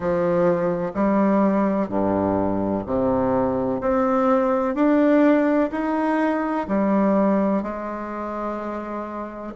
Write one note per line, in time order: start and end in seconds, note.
0.00 0.92 F3
0.94 1.88 G3
1.88 2.84 G2
2.86 3.81 C3
3.81 4.74 C4
4.74 5.70 D4
5.71 6.66 D#4
6.68 7.62 G3
7.62 9.53 G#3